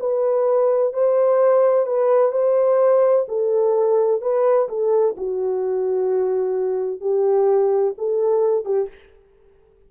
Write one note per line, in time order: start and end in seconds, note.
0.00 0.94 B4
0.94 1.87 C5
1.87 2.32 B4
2.32 3.26 C5
3.29 4.22 A4
4.22 4.69 B4
4.69 5.16 A4
5.18 7.01 F#4
7.01 7.95 G4
7.98 8.65 A4
8.65 8.89 G4